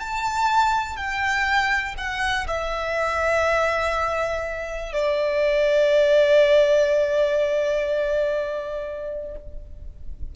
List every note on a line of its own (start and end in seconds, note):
0.00 0.97 A5
0.97 1.95 G5
1.98 2.47 F#5
2.47 4.93 E5
4.93 9.36 D5